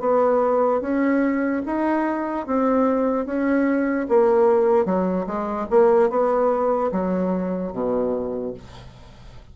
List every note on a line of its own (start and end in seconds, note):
0.00 0.81 B3
0.81 1.62 C#4
1.66 2.47 D#4
2.47 3.26 C4
3.26 4.07 C#4
4.08 4.85 A#3
4.85 5.26 F#3
5.27 5.67 G#3
5.70 6.10 A#3
6.10 6.91 B3
6.92 7.72 F#3
7.72 8.54 B2